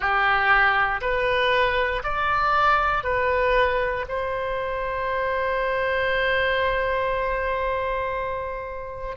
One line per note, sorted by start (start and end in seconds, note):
0.00 1.00 G4
1.01 2.02 B4
2.03 3.03 D5
3.03 4.05 B4
4.08 9.16 C5